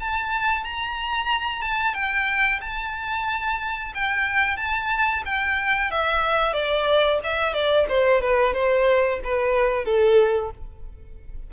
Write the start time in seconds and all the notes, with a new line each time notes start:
0.00 A5
0.64 A#5
1.62 A5
1.94 G5
2.61 A5
3.95 G5
4.57 A5
5.25 G5
5.91 E5
6.54 D5
7.24 E5
7.54 D5
7.89 C5
8.21 B4
8.54 C5
9.24 B4
9.85 A4